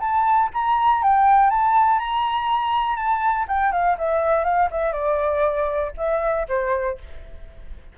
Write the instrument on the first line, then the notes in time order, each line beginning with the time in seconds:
flute
0.00 A5
0.53 A#5
1.03 G5
1.50 A5
1.99 A#5
2.96 A5
3.48 G5
3.72 F5
3.98 E5
4.44 F5
4.71 E5
4.92 D5
5.97 E5
6.48 C5